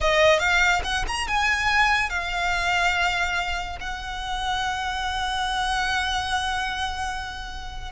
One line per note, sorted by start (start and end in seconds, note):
0.00 0.39 D#5
0.39 0.81 F5
0.84 1.05 F#5
1.07 1.27 A#5
1.27 2.09 G#5
2.09 3.78 F5
3.80 7.91 F#5